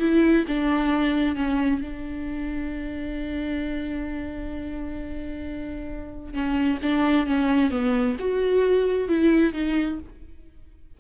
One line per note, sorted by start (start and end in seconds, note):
0.00 0.45 E4
0.48 1.36 D4
1.36 1.81 C#4
1.81 6.34 D4
6.34 6.79 C#4
6.83 7.26 D4
7.26 7.71 C#4
7.71 8.17 B3
8.19 9.08 F#4
9.08 9.54 E4
9.54 9.99 D#4